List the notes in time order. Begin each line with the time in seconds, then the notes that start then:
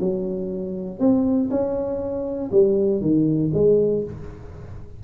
0.00 F#3
1.00 C4
1.51 C#4
2.52 G3
3.02 D#3
3.54 G#3